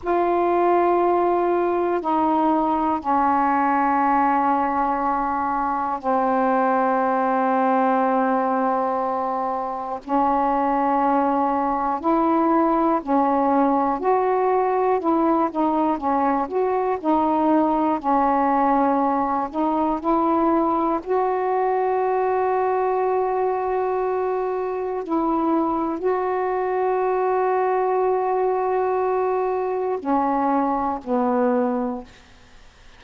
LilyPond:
\new Staff \with { instrumentName = "saxophone" } { \time 4/4 \tempo 4 = 60 f'2 dis'4 cis'4~ | cis'2 c'2~ | c'2 cis'2 | e'4 cis'4 fis'4 e'8 dis'8 |
cis'8 fis'8 dis'4 cis'4. dis'8 | e'4 fis'2.~ | fis'4 e'4 fis'2~ | fis'2 cis'4 b4 | }